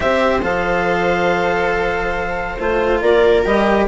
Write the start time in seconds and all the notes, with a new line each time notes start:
0.00 C4 G4 C5 E5
0.42 F3 A4 F5
2.59 A3 F4 C5
3.01 A#3 A#4 D5
3.44 G3 G4 D#5